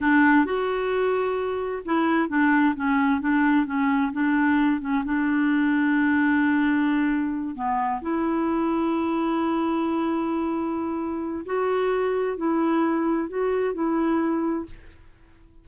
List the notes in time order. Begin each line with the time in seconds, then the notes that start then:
0.01 D4
0.45 F#4
1.85 E4
2.29 D4
2.75 C#4
3.20 D4
3.66 C#4
4.12 D4
4.80 C#4
5.04 D4
7.55 B3
8.01 E4
11.45 F#4
12.37 E4
13.28 F#4
13.74 E4